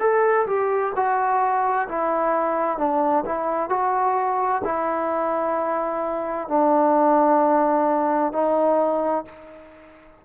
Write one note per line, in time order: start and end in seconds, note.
0.00 0.46 A4
0.47 0.93 G4
0.96 1.88 F#4
1.89 2.78 E4
2.78 3.24 D4
3.26 3.70 E4
3.70 4.62 F#4
4.64 6.49 E4
6.49 8.33 D4
8.33 9.26 D#4